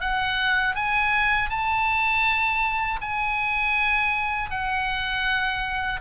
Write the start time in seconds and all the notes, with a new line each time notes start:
0.00 F#5
0.75 G#5
1.49 A5
3.01 G#5
4.50 F#5